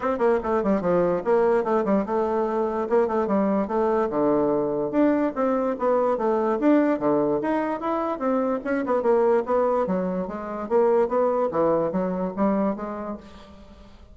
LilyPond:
\new Staff \with { instrumentName = "bassoon" } { \time 4/4 \tempo 4 = 146 c'8 ais8 a8 g8 f4 ais4 | a8 g8 a2 ais8 a8 | g4 a4 d2 | d'4 c'4 b4 a4 |
d'4 d4 dis'4 e'4 | c'4 cis'8 b8 ais4 b4 | fis4 gis4 ais4 b4 | e4 fis4 g4 gis4 | }